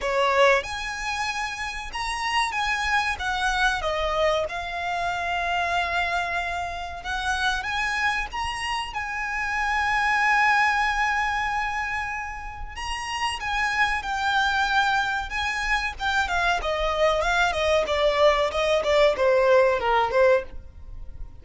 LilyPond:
\new Staff \with { instrumentName = "violin" } { \time 4/4 \tempo 4 = 94 cis''4 gis''2 ais''4 | gis''4 fis''4 dis''4 f''4~ | f''2. fis''4 | gis''4 ais''4 gis''2~ |
gis''1 | ais''4 gis''4 g''2 | gis''4 g''8 f''8 dis''4 f''8 dis''8 | d''4 dis''8 d''8 c''4 ais'8 c''8 | }